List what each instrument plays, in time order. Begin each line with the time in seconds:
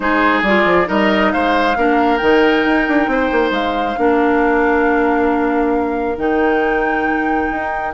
0.00 bassoon G#3, clarinet D#4, oboe G#4, flute C5
0.42 bassoon G3, clarinet F4, flute D5
0.64 bassoon F3
0.85 bassoon G3, clarinet D#4, oboe A#4, flute D#5
1.32 bassoon G#3, oboe C5, flute F5
1.76 bassoon A#3, clarinet D4, oboe A#4
2.17 bassoon D#3, clarinet D#4, flute G5
2.65 bassoon D#4
2.87 bassoon D4
3.07 bassoon C4, oboe C5
3.31 bassoon A#3
3.51 bassoon G#3, flute F5
3.96 bassoon A#3, clarinet D4, oboe A#4
6.16 bassoon D#3, clarinet D#4, flute G5
7.51 bassoon D#4